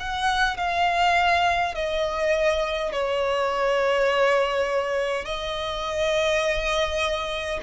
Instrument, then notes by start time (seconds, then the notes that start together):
violin
0.00 F#5
0.57 F5
1.75 D#5
2.93 C#5
5.25 D#5